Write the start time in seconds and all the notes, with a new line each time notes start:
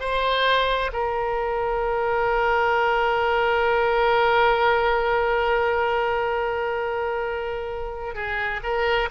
0.00 C5
0.93 A#4
8.15 G#4
8.63 A#4